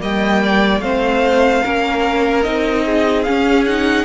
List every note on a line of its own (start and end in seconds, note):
0.00 0.80 G3
0.00 0.81 A#3
0.00 0.43 D#5
0.00 0.81 G5
0.43 0.83 D5
0.80 1.61 A3
0.80 1.64 C4
0.80 1.63 C5
0.80 2.43 F5
1.63 2.45 A#3
1.63 2.44 C#4
1.63 2.85 A#4
2.43 3.26 C4
2.43 3.25 D#4
2.43 3.23 D#5
2.85 4.05 G#4
3.23 3.67 C#4
3.23 4.05 C#4
3.23 3.64 F5
3.66 4.05 D#4
3.66 4.05 F#5